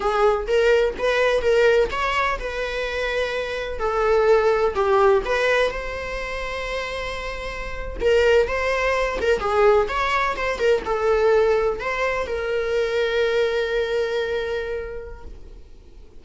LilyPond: \new Staff \with { instrumentName = "viola" } { \time 4/4 \tempo 4 = 126 gis'4 ais'4 b'4 ais'4 | cis''4 b'2. | a'2 g'4 b'4 | c''1~ |
c''8. ais'4 c''4. ais'8 gis'16~ | gis'8. cis''4 c''8 ais'8 a'4~ a'16~ | a'8. c''4 ais'2~ ais'16~ | ais'1 | }